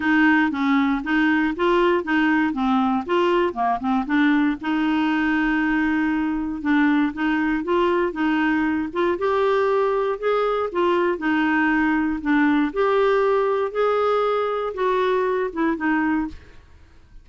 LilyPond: \new Staff \with { instrumentName = "clarinet" } { \time 4/4 \tempo 4 = 118 dis'4 cis'4 dis'4 f'4 | dis'4 c'4 f'4 ais8 c'8 | d'4 dis'2.~ | dis'4 d'4 dis'4 f'4 |
dis'4. f'8 g'2 | gis'4 f'4 dis'2 | d'4 g'2 gis'4~ | gis'4 fis'4. e'8 dis'4 | }